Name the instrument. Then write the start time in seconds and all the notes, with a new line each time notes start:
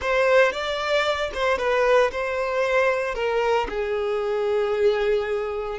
violin
0.01 C5
0.51 D5
1.33 C5
1.58 B4
2.11 C5
3.14 A#4
3.69 G#4